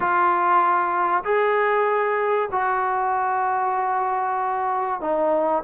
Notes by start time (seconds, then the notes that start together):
0.00 F4
1.24 G#4
2.51 F#4
5.00 D#4